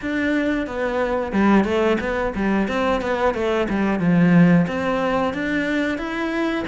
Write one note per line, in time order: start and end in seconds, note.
0.01 0.66 D4
0.66 1.32 B3
1.32 1.64 G3
1.64 1.97 A3
2.00 2.33 B3
2.35 2.68 G3
2.68 3.01 C4
3.01 3.34 B3
3.34 3.67 A3
3.68 3.99 G3
3.99 4.66 F3
4.67 5.33 C4
5.33 5.98 D4
5.98 6.64 E4